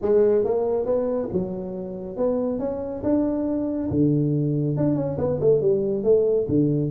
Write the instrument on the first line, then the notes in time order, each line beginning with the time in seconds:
tuba
0.01 G#3
0.44 A#3
0.85 B3
1.32 F#3
2.16 B3
2.59 C#4
3.03 D4
3.90 D3
4.76 D4
4.95 C#4
5.18 B3
5.40 A3
5.61 G3
6.03 A3
6.48 D3